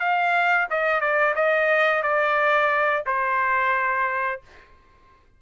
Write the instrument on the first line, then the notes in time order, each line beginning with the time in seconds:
trumpet
0.00 F5
0.70 D#5
1.01 D5
1.35 D#5
2.03 D5
3.06 C5